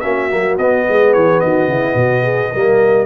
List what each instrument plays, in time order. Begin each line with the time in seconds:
0.00 tuba A#3, trombone C#4, horn F#4, trumpet E5
0.30 tuba F#3, trombone A#3
0.58 tuba B3, trombone B3, trumpet D#5
0.88 tuba G#3, horn G#4
1.13 tuba E3, trumpet C#5
1.40 tuba D#3, horn F#4, trumpet D#5
1.67 tuba C#3, horn E4
1.94 tuba B2, horn F#4
2.22 horn G#4
2.52 tuba G3, trombone A#3, horn A#4